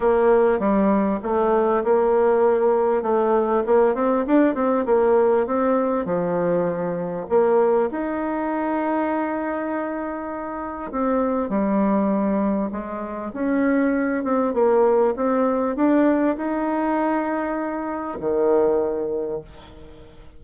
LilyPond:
\new Staff \with { instrumentName = "bassoon" } { \time 4/4 \tempo 4 = 99 ais4 g4 a4 ais4~ | ais4 a4 ais8 c'8 d'8 c'8 | ais4 c'4 f2 | ais4 dis'2.~ |
dis'2 c'4 g4~ | g4 gis4 cis'4. c'8 | ais4 c'4 d'4 dis'4~ | dis'2 dis2 | }